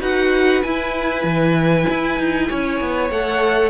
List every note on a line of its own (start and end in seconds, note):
0.00 0.62 D#4
0.00 0.63 F#4
0.00 2.47 B4
0.00 0.63 F#5
0.63 3.12 E4
0.63 1.24 E4
0.63 3.11 G#5
1.24 1.86 E3
1.90 2.19 E4
2.19 2.50 D#4
2.49 2.81 C#4
2.49 3.70 C#5
2.81 3.10 B3
3.10 3.70 A3
3.10 3.70 A4
3.10 3.70 F#5